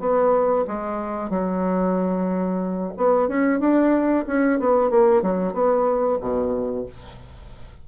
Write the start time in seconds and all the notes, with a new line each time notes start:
0.00 B3
0.68 G#3
1.30 F#3
2.97 B3
3.28 C#4
3.60 D4
4.27 C#4
4.60 B3
4.90 A#3
5.22 F#3
5.54 B3
6.21 B2